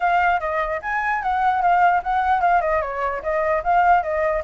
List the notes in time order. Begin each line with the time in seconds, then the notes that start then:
0.00 F5
0.40 D#5
0.82 G#5
1.22 F#5
1.61 F5
2.03 F#5
2.41 F5
2.61 D#5
2.81 C#5
3.22 D#5
3.63 F5
4.02 D#5